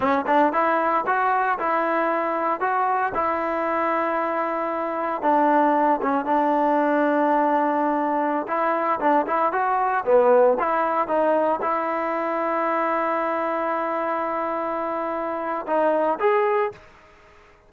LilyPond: \new Staff \with { instrumentName = "trombone" } { \time 4/4 \tempo 4 = 115 cis'8 d'8 e'4 fis'4 e'4~ | e'4 fis'4 e'2~ | e'2 d'4. cis'8 | d'1~ |
d'16 e'4 d'8 e'8 fis'4 b8.~ | b16 e'4 dis'4 e'4.~ e'16~ | e'1~ | e'2 dis'4 gis'4 | }